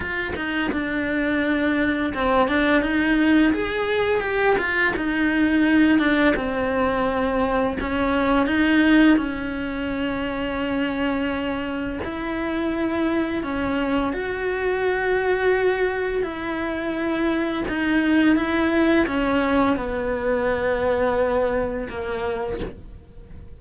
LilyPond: \new Staff \with { instrumentName = "cello" } { \time 4/4 \tempo 4 = 85 f'8 dis'8 d'2 c'8 d'8 | dis'4 gis'4 g'8 f'8 dis'4~ | dis'8 d'8 c'2 cis'4 | dis'4 cis'2.~ |
cis'4 e'2 cis'4 | fis'2. e'4~ | e'4 dis'4 e'4 cis'4 | b2. ais4 | }